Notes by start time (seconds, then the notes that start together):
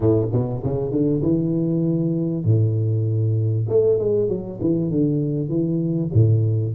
0.00 A2
0.32 B2
0.63 C#3
0.91 D3
1.22 E3
2.44 A2
3.68 A3
3.99 G#3
4.28 F#3
4.60 E3
4.90 D3
5.48 E3
6.13 A2